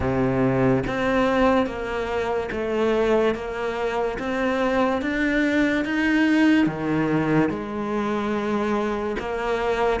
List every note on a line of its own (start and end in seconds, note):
0.00 0.83 C3
0.86 1.66 C4
1.66 2.49 A#3
2.52 3.34 A3
3.34 4.18 A#3
4.18 5.01 C4
5.01 5.84 D4
5.84 6.66 D#4
6.66 7.49 D#3
7.49 9.16 G#3
9.19 10.00 A#3